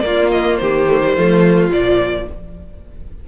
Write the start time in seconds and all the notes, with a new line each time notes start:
0.00 A#3 F4 D5
0.31 D#5
0.56 D#3 G4 C5
0.87 A3
1.03 G3
1.15 F3 A3 F4
1.68 A#2 F3 D5